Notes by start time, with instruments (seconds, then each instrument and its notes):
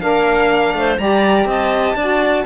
0.00 cello A#3, saxophone D4, clarinet A#4, violin F5
0.74 cello A3, clarinet C5
0.98 cello G3, saxophone G4, clarinet D5, violin A#5
1.45 cello C4, clarinet D#5, violin A5
1.95 cello D4, saxophone F#4, clarinet D5